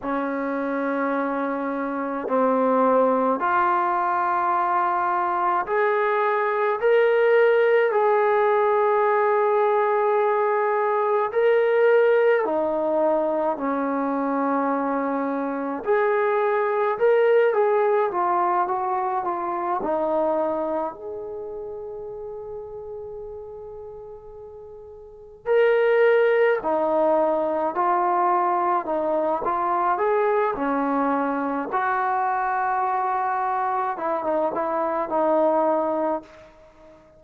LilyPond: \new Staff \with { instrumentName = "trombone" } { \time 4/4 \tempo 4 = 53 cis'2 c'4 f'4~ | f'4 gis'4 ais'4 gis'4~ | gis'2 ais'4 dis'4 | cis'2 gis'4 ais'8 gis'8 |
f'8 fis'8 f'8 dis'4 gis'4.~ | gis'2~ gis'8 ais'4 dis'8~ | dis'8 f'4 dis'8 f'8 gis'8 cis'4 | fis'2 e'16 dis'16 e'8 dis'4 | }